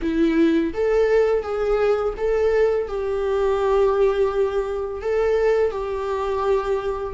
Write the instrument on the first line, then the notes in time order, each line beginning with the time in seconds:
viola
0.02 E4
0.73 A4
1.42 G#4
2.17 A4
2.87 G4
5.01 A4
5.71 G4